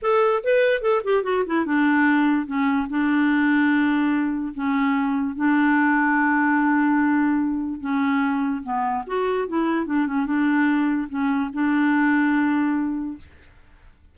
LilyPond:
\new Staff \with { instrumentName = "clarinet" } { \time 4/4 \tempo 4 = 146 a'4 b'4 a'8 g'8 fis'8 e'8 | d'2 cis'4 d'4~ | d'2. cis'4~ | cis'4 d'2.~ |
d'2. cis'4~ | cis'4 b4 fis'4 e'4 | d'8 cis'8 d'2 cis'4 | d'1 | }